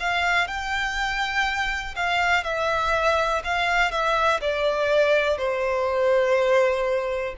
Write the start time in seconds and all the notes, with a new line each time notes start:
0.00 F5
0.48 G5
1.96 F5
2.44 E5
3.44 F5
3.92 E5
4.41 D5
5.38 C5